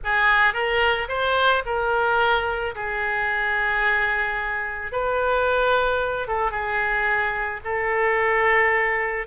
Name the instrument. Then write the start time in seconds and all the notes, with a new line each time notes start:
oboe
0.03 G#4
0.53 A#4
1.08 C5
1.65 A#4
2.75 G#4
4.92 B4
6.27 A4
6.51 G#4
7.64 A4